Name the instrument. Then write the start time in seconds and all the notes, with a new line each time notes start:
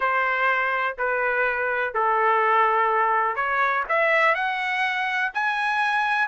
trumpet
0.00 C5
0.98 B4
1.94 A4
3.35 C#5
3.88 E5
4.35 F#5
5.34 G#5